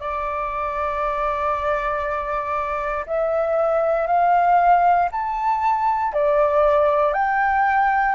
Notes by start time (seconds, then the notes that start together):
0.00 D5
3.06 E5
4.07 F5
5.12 A5
6.13 D5
7.13 G5